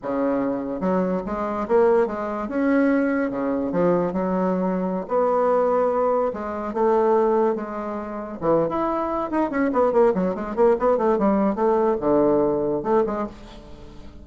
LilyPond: \new Staff \with { instrumentName = "bassoon" } { \time 4/4 \tempo 4 = 145 cis2 fis4 gis4 | ais4 gis4 cis'2 | cis4 f4 fis2~ | fis16 b2. gis8.~ |
gis16 a2 gis4.~ gis16~ | gis16 e8. e'4. dis'8 cis'8 b8 | ais8 fis8 gis8 ais8 b8 a8 g4 | a4 d2 a8 gis8 | }